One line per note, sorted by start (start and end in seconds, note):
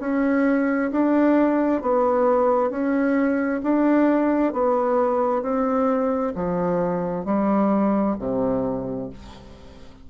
0.00 0.91 C#4
0.92 1.82 D4
1.82 2.70 B3
2.70 3.61 C#4
3.63 4.53 D4
4.53 5.42 B3
5.42 6.33 C4
6.35 7.25 F3
7.25 8.16 G3
8.19 9.10 C3